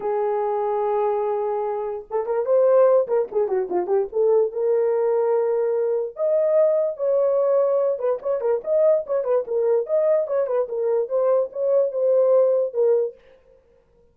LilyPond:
\new Staff \with { instrumentName = "horn" } { \time 4/4 \tempo 4 = 146 gis'1~ | gis'4 a'8 ais'8 c''4. ais'8 | gis'8 fis'8 f'8 g'8 a'4 ais'4~ | ais'2. dis''4~ |
dis''4 cis''2~ cis''8 b'8 | cis''8 ais'8 dis''4 cis''8 b'8 ais'4 | dis''4 cis''8 b'8 ais'4 c''4 | cis''4 c''2 ais'4 | }